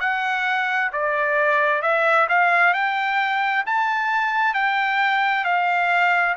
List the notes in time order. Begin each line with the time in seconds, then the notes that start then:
0.00 F#5
0.92 D5
1.81 E5
2.29 F5
2.73 G5
3.66 A5
4.54 G5
5.44 F5